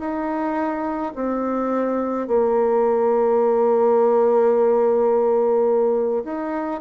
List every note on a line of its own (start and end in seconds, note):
0.00 1.13 D#4
1.15 2.28 C4
2.28 6.24 A#3
6.25 6.81 D#4